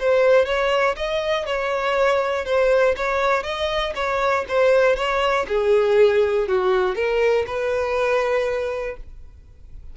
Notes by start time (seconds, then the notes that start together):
0.00 C5
0.46 C#5
0.97 D#5
1.46 C#5
2.46 C5
2.97 C#5
3.44 D#5
3.96 C#5
4.49 C5
4.96 C#5
5.48 G#4
6.49 F#4
6.96 A#4
7.47 B4